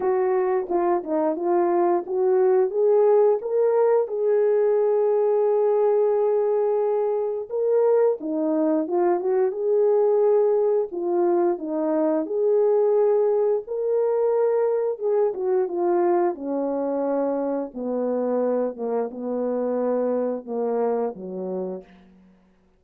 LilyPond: \new Staff \with { instrumentName = "horn" } { \time 4/4 \tempo 4 = 88 fis'4 f'8 dis'8 f'4 fis'4 | gis'4 ais'4 gis'2~ | gis'2. ais'4 | dis'4 f'8 fis'8 gis'2 |
f'4 dis'4 gis'2 | ais'2 gis'8 fis'8 f'4 | cis'2 b4. ais8 | b2 ais4 fis4 | }